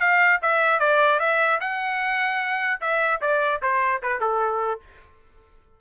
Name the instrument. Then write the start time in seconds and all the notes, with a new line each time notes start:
trumpet
0.00 F5
0.42 E5
0.79 D5
1.19 E5
1.60 F#5
2.81 E5
3.21 D5
3.62 C5
4.02 B4
4.21 A4